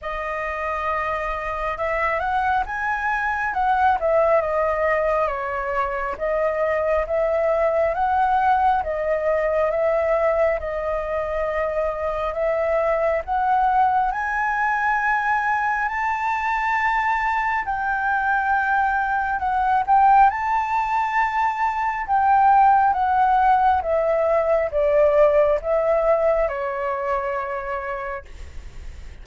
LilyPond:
\new Staff \with { instrumentName = "flute" } { \time 4/4 \tempo 4 = 68 dis''2 e''8 fis''8 gis''4 | fis''8 e''8 dis''4 cis''4 dis''4 | e''4 fis''4 dis''4 e''4 | dis''2 e''4 fis''4 |
gis''2 a''2 | g''2 fis''8 g''8 a''4~ | a''4 g''4 fis''4 e''4 | d''4 e''4 cis''2 | }